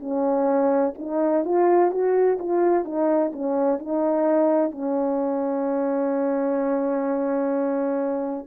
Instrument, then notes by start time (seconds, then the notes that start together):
horn
0.00 C#4
0.98 D#4
1.45 F4
1.91 F#4
2.40 F4
2.85 D#4
3.33 C#4
3.79 D#4
4.71 C#4